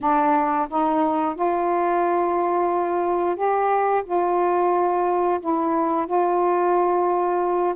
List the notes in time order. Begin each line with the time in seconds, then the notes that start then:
0.00 D4
0.69 D#4
1.35 F4
3.36 G4
4.04 F4
5.40 E4
6.06 F4